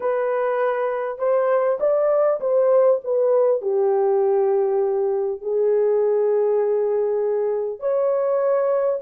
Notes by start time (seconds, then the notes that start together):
0.00 B4
1.18 C5
1.80 D5
2.40 C5
3.04 B4
3.61 G4
5.41 G#4
7.79 C#5